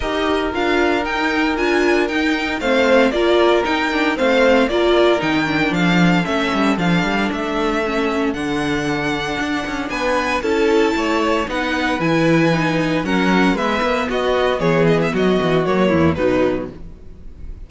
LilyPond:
<<
  \new Staff \with { instrumentName = "violin" } { \time 4/4 \tempo 4 = 115 dis''4 f''4 g''4 gis''4 | g''4 f''4 d''4 g''4 | f''4 d''4 g''4 f''4 | e''4 f''4 e''2 |
fis''2. gis''4 | a''2 fis''4 gis''4~ | gis''4 fis''4 e''4 dis''4 | cis''8 dis''16 e''16 dis''4 cis''4 b'4 | }
  \new Staff \with { instrumentName = "violin" } { \time 4/4 ais'1~ | ais'4 c''4 ais'2 | c''4 ais'2 a'4~ | a'1~ |
a'2. b'4 | a'4 cis''4 b'2~ | b'4 ais'4 b'4 fis'4 | gis'4 fis'4. e'8 dis'4 | }
  \new Staff \with { instrumentName = "viola" } { \time 4/4 g'4 f'4 dis'4 f'4 | dis'4 c'4 f'4 dis'8 d'8 | c'4 f'4 dis'8 d'4. | cis'4 d'2 cis'4 |
d'1 | e'2 dis'4 e'4 | dis'4 cis'4 b2~ | b2 ais4 fis4 | }
  \new Staff \with { instrumentName = "cello" } { \time 4/4 dis'4 d'4 dis'4 d'4 | dis'4 a4 ais4 dis'4 | a4 ais4 dis4 f4 | a8 g8 f8 g8 a2 |
d2 d'8 cis'8 b4 | cis'4 a4 b4 e4~ | e4 fis4 gis8 ais8 b4 | e4 fis8 e8 fis8 e,8 b,4 | }
>>